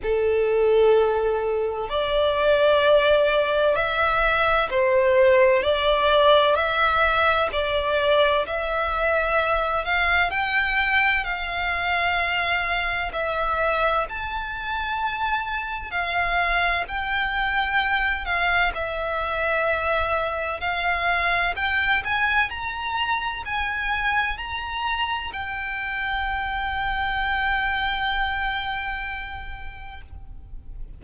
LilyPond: \new Staff \with { instrumentName = "violin" } { \time 4/4 \tempo 4 = 64 a'2 d''2 | e''4 c''4 d''4 e''4 | d''4 e''4. f''8 g''4 | f''2 e''4 a''4~ |
a''4 f''4 g''4. f''8 | e''2 f''4 g''8 gis''8 | ais''4 gis''4 ais''4 g''4~ | g''1 | }